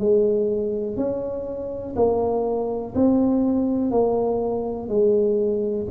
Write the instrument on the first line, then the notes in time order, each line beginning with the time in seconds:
tuba
0.00 G#3
0.97 C#4
1.96 A#3
2.95 C4
3.92 A#3
4.89 G#3